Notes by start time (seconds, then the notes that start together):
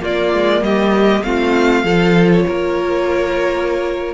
0.00 A#3 F4 D5
0.34 G#3
0.61 G3 G4 D#5
1.23 A3 C4 F4 F5
1.84 F3 F4 A4
2.33 C#5
2.47 A#3 A#4